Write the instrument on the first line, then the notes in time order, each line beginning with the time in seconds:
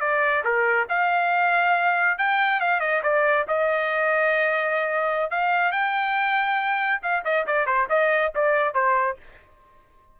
trumpet
0.00 D5
0.44 A#4
0.88 F5
2.18 G5
2.60 F5
2.80 D#5
3.02 D5
3.47 D#5
5.30 F5
5.71 G5
7.02 F5
7.24 D#5
7.46 D5
7.66 C5
7.89 D#5
8.34 D5
8.74 C5